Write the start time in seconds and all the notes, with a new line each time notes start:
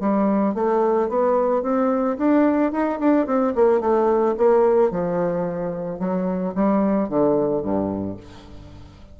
0.00 G3
0.55 A3
1.09 B3
1.63 C4
2.18 D4
2.72 D#4
2.99 D4
3.26 C4
3.55 A#3
3.81 A3
4.37 A#3
4.91 F3
6.00 F#3
6.55 G3
7.09 D3
7.62 G2